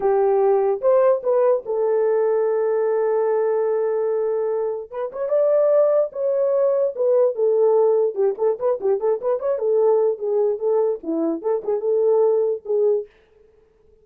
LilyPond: \new Staff \with { instrumentName = "horn" } { \time 4/4 \tempo 4 = 147 g'2 c''4 b'4 | a'1~ | a'1 | b'8 cis''8 d''2 cis''4~ |
cis''4 b'4 a'2 | g'8 a'8 b'8 g'8 a'8 b'8 cis''8 a'8~ | a'4 gis'4 a'4 e'4 | a'8 gis'8 a'2 gis'4 | }